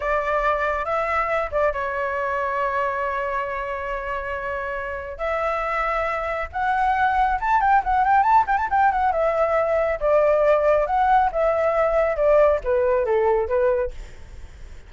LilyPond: \new Staff \with { instrumentName = "flute" } { \time 4/4 \tempo 4 = 138 d''2 e''4. d''8 | cis''1~ | cis''1 | e''2. fis''4~ |
fis''4 a''8 g''8 fis''8 g''8 a''8 g''16 a''16 | g''8 fis''8 e''2 d''4~ | d''4 fis''4 e''2 | d''4 b'4 a'4 b'4 | }